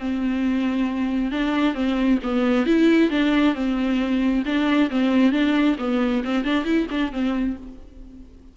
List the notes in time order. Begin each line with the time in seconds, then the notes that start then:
0.00 C4
1.32 D4
1.75 C4
2.23 B3
2.67 E4
3.11 D4
3.55 C4
4.46 D4
4.91 C4
5.32 D4
5.79 B3
6.25 C4
6.45 D4
6.65 E4
6.91 D4
7.13 C4